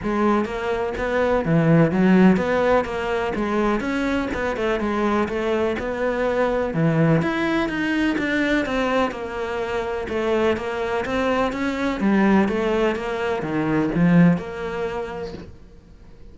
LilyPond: \new Staff \with { instrumentName = "cello" } { \time 4/4 \tempo 4 = 125 gis4 ais4 b4 e4 | fis4 b4 ais4 gis4 | cis'4 b8 a8 gis4 a4 | b2 e4 e'4 |
dis'4 d'4 c'4 ais4~ | ais4 a4 ais4 c'4 | cis'4 g4 a4 ais4 | dis4 f4 ais2 | }